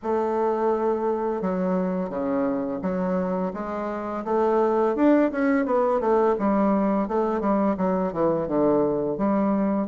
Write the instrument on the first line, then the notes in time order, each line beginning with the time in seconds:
bassoon
0.02 A3
1.41 F#3
2.09 C#3
2.81 F#3
3.53 G#3
4.24 A3
4.95 D4
5.31 C#4
5.65 B3
6.00 A3
6.38 G3
7.07 A3
7.40 G3
7.77 F#3
8.12 E3
8.47 D3
9.17 G3